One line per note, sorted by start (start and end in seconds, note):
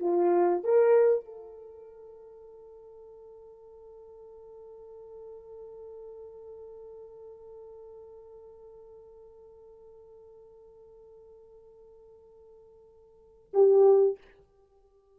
0.00 0.64 F4
0.64 1.26 A#4
1.26 13.51 A4
13.54 14.18 G4